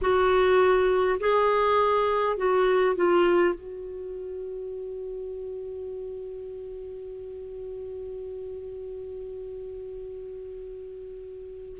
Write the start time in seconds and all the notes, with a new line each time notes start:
0.01 F#4
1.20 G#4
2.36 F#4
2.95 F4
3.54 F#4